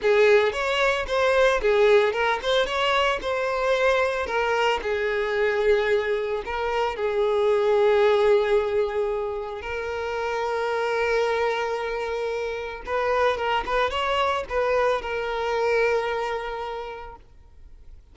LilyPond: \new Staff \with { instrumentName = "violin" } { \time 4/4 \tempo 4 = 112 gis'4 cis''4 c''4 gis'4 | ais'8 c''8 cis''4 c''2 | ais'4 gis'2. | ais'4 gis'2.~ |
gis'2 ais'2~ | ais'1 | b'4 ais'8 b'8 cis''4 b'4 | ais'1 | }